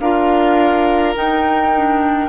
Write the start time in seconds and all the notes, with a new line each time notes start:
0.00 D4 F4 A#4 F5
1.15 D#4 G5
1.76 D4